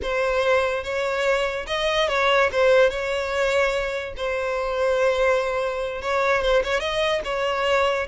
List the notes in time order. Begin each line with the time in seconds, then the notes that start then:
0.02 C5
0.83 C#5
1.67 D#5
2.08 C#5
2.51 C5
2.90 C#5
4.17 C5
6.01 C#5
6.42 C5
6.63 C#5
6.80 D#5
7.24 C#5